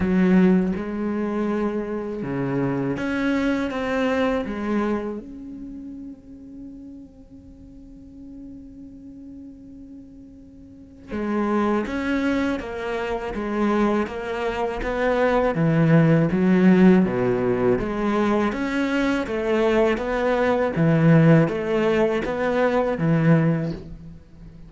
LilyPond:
\new Staff \with { instrumentName = "cello" } { \time 4/4 \tempo 4 = 81 fis4 gis2 cis4 | cis'4 c'4 gis4 cis'4~ | cis'1~ | cis'2. gis4 |
cis'4 ais4 gis4 ais4 | b4 e4 fis4 b,4 | gis4 cis'4 a4 b4 | e4 a4 b4 e4 | }